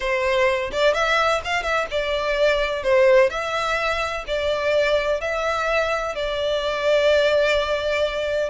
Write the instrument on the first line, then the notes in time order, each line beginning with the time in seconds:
violin
0.00 C5
0.72 D5
0.93 E5
1.44 F5
1.63 E5
1.90 D5
2.83 C5
3.29 E5
4.27 D5
5.21 E5
6.15 D5